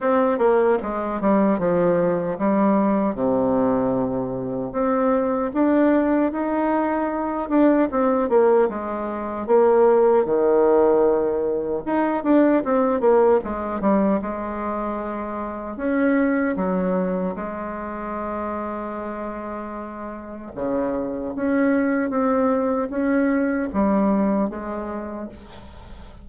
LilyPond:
\new Staff \with { instrumentName = "bassoon" } { \time 4/4 \tempo 4 = 76 c'8 ais8 gis8 g8 f4 g4 | c2 c'4 d'4 | dis'4. d'8 c'8 ais8 gis4 | ais4 dis2 dis'8 d'8 |
c'8 ais8 gis8 g8 gis2 | cis'4 fis4 gis2~ | gis2 cis4 cis'4 | c'4 cis'4 g4 gis4 | }